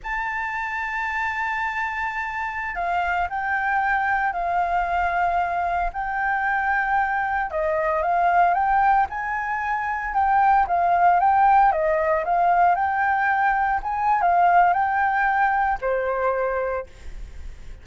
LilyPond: \new Staff \with { instrumentName = "flute" } { \time 4/4 \tempo 4 = 114 a''1~ | a''4~ a''16 f''4 g''4.~ g''16~ | g''16 f''2. g''8.~ | g''2~ g''16 dis''4 f''8.~ |
f''16 g''4 gis''2 g''8.~ | g''16 f''4 g''4 dis''4 f''8.~ | f''16 g''2 gis''8. f''4 | g''2 c''2 | }